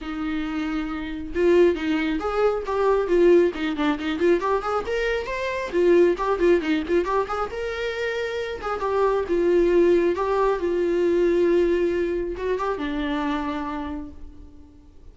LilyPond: \new Staff \with { instrumentName = "viola" } { \time 4/4 \tempo 4 = 136 dis'2. f'4 | dis'4 gis'4 g'4 f'4 | dis'8 d'8 dis'8 f'8 g'8 gis'8 ais'4 | c''4 f'4 g'8 f'8 dis'8 f'8 |
g'8 gis'8 ais'2~ ais'8 gis'8 | g'4 f'2 g'4 | f'1 | fis'8 g'8 d'2. | }